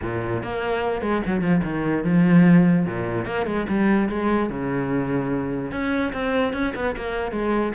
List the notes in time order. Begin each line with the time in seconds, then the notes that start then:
0.02 A#2
0.43 A#3
1.01 G#3
1.26 F#3
1.41 F3
1.63 D#3
2.04 F3
2.85 A#2
3.25 A#3
3.45 G#3
3.68 G3
4.08 G#3
4.49 C#3
5.71 C#4
6.12 C4
6.53 C#4
6.75 B3
6.96 A#3
7.31 G#3